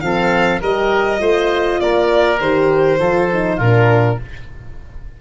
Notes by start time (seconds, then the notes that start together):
0.00 F3 C4 A4 F5
0.61 G3 G4 A#4 D#5
1.19 A3 F4 C5
1.80 A#3 A#4 D5
2.40 D#3 G4 C5
2.99 F3 F4 A4
3.33 D#4
3.56 A#2 D4 F4 A#4